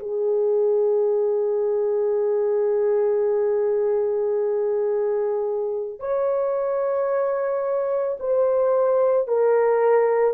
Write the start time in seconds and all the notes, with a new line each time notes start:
0.00 G#4
6.00 C#5
8.20 C5
9.28 A#4